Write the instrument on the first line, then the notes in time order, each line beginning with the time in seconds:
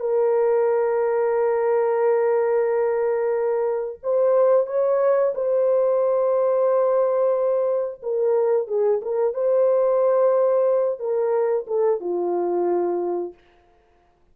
horn
0.00 A#4
4.03 C5
4.67 C#5
5.35 C5
8.03 A#4
8.68 G#4
9.02 A#4
9.34 C5
11.00 A#4
11.67 A4
12.01 F4